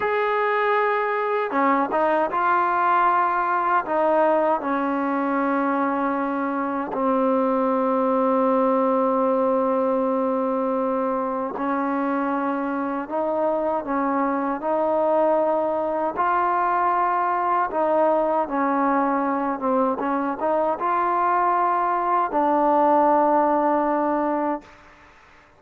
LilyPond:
\new Staff \with { instrumentName = "trombone" } { \time 4/4 \tempo 4 = 78 gis'2 cis'8 dis'8 f'4~ | f'4 dis'4 cis'2~ | cis'4 c'2.~ | c'2. cis'4~ |
cis'4 dis'4 cis'4 dis'4~ | dis'4 f'2 dis'4 | cis'4. c'8 cis'8 dis'8 f'4~ | f'4 d'2. | }